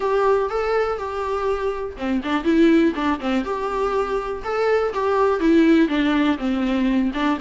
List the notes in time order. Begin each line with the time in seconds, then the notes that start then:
0.00 G4
0.49 A4
0.98 G4
1.96 C4
2.23 D4
2.43 E4
2.95 D4
3.19 C4
3.44 G4
4.44 A4
4.93 G4
5.39 E4
5.88 D4
6.38 C4
7.13 D4